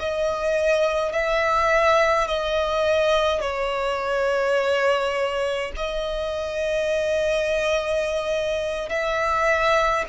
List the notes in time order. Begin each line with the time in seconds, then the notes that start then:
0.00 D#5
1.13 E5
2.28 D#5
3.41 C#5
5.77 D#5
8.90 E5